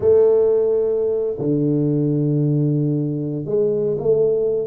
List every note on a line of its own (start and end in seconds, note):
0.00 1.37 A3
1.38 3.45 D3
3.45 3.97 G#3
3.98 4.67 A3